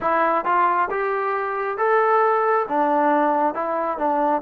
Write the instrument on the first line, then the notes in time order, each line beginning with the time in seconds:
trombone
0.00 E4
0.44 F4
0.90 G4
1.77 A4
2.68 D4
3.54 E4
3.98 D4